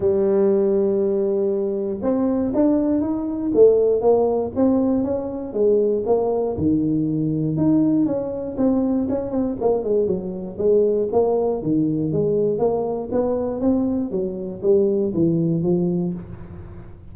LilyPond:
\new Staff \with { instrumentName = "tuba" } { \time 4/4 \tempo 4 = 119 g1 | c'4 d'4 dis'4 a4 | ais4 c'4 cis'4 gis4 | ais4 dis2 dis'4 |
cis'4 c'4 cis'8 c'8 ais8 gis8 | fis4 gis4 ais4 dis4 | gis4 ais4 b4 c'4 | fis4 g4 e4 f4 | }